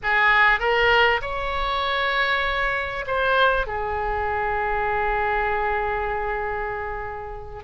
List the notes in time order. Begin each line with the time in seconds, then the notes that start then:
0.03 G#4
0.59 A#4
1.21 C#5
3.06 C5
3.67 G#4